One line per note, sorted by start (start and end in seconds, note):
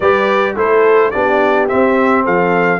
0.00 0.55 G3
0.00 0.56 G4
0.00 0.55 B4
0.00 0.56 D5
0.55 1.11 A3
0.55 1.12 E4
0.55 1.12 A4
0.55 1.10 C5
1.10 1.71 B3
1.10 1.68 D4
1.10 2.24 G4
1.10 1.66 D5
1.68 2.79 C4
1.68 2.26 C4
1.68 2.24 E5
2.24 2.79 F3
2.24 2.79 A4
2.24 2.79 F5